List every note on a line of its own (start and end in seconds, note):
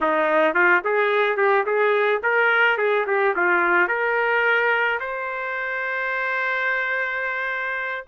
0.01 0.54 D#4
0.54 0.82 F4
0.84 1.37 G#4
1.37 1.64 G4
1.66 2.21 G#4
2.22 2.77 A#4
2.77 3.05 G#4
3.07 3.34 G4
3.35 3.88 F4
3.88 4.99 A#4
4.99 8.05 C5